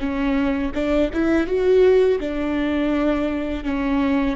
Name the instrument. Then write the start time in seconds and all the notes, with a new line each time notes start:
viola
0.00 C#4
0.75 D4
1.14 E4
1.47 F#4
2.20 D4
3.64 C#4